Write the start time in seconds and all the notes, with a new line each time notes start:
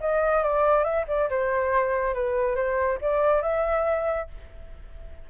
0.00 D#5
0.43 D5
0.84 E5
1.07 D5
1.29 C5
2.14 B4
2.55 C5
3.01 D5
3.42 E5